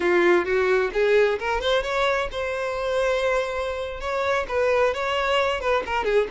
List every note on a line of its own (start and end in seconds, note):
0.00 0.45 F4
0.45 0.91 F#4
0.93 1.38 G#4
1.39 1.60 A#4
1.60 1.82 C5
1.82 2.28 C#5
2.31 4.00 C5
4.00 4.46 C#5
4.48 4.94 B4
4.94 5.60 C#5
5.60 5.83 B4
5.86 6.04 A#4
6.04 6.27 G#4